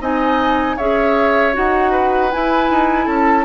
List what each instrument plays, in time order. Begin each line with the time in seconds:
0.00 bassoon C4, clarinet D#4, oboe D#5, flute G#5
0.77 bassoon C#4, clarinet G#4, oboe C#5, flute E5
1.53 bassoon D#4, clarinet F#4, flute F#5
1.91 oboe B4
2.32 clarinet E4, bassoon E4, flute G#5
2.70 bassoon D#4
3.05 bassoon C#4, oboe A4, flute A5